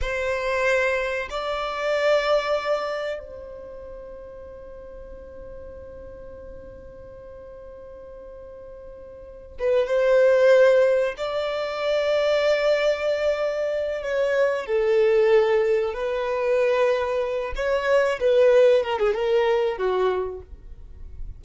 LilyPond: \new Staff \with { instrumentName = "violin" } { \time 4/4 \tempo 4 = 94 c''2 d''2~ | d''4 c''2.~ | c''1~ | c''2. b'8 c''8~ |
c''4. d''2~ d''8~ | d''2 cis''4 a'4~ | a'4 b'2~ b'8 cis''8~ | cis''8 b'4 ais'16 gis'16 ais'4 fis'4 | }